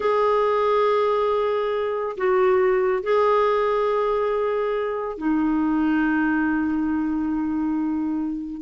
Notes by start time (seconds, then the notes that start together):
0.00 G#4
2.17 F#4
3.03 G#4
5.17 D#4